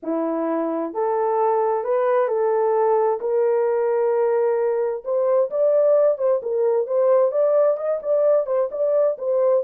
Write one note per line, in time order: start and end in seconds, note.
0.02 0.93 E4
0.93 1.83 A4
1.83 2.28 B4
2.28 3.19 A4
3.20 5.03 A#4
5.04 5.50 C5
5.50 6.17 D5
6.17 6.40 C5
6.42 6.86 A#4
6.86 7.31 C5
7.31 7.77 D5
7.77 8.00 D#5
8.02 8.46 D5
8.46 8.69 C5
8.71 9.17 D5
9.18 9.63 C5